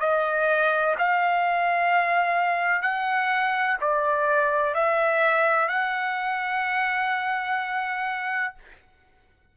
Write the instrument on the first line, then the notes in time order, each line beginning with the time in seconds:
trumpet
0.00 D#5
0.99 F5
2.82 F#5
3.81 D5
4.75 E5
5.68 F#5